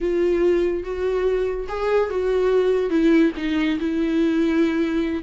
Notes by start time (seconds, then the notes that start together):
0.01 F4
0.83 F#4
1.68 G#4
2.10 F#4
2.90 E4
3.37 D#4
3.79 E4